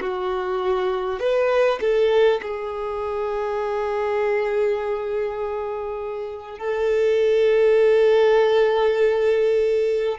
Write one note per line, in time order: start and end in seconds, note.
0.00 1.19 F#4
1.19 1.79 B4
1.81 2.41 A4
2.42 6.58 G#4
6.58 10.18 A4